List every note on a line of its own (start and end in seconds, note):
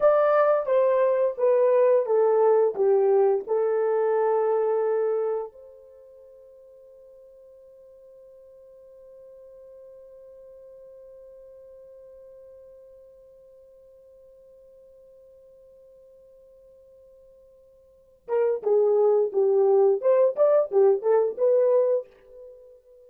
0.00 0.66 D5
0.66 1.34 C5
1.37 2.05 B4
2.05 2.74 A4
2.75 3.44 G4
3.47 5.51 A4
5.51 18.27 C5
18.28 18.62 A#4
18.62 19.31 G#4
19.32 20.01 G4
20.01 20.35 C5
20.36 20.70 D5
20.71 21.02 G4
21.02 21.36 A4
21.37 22.06 B4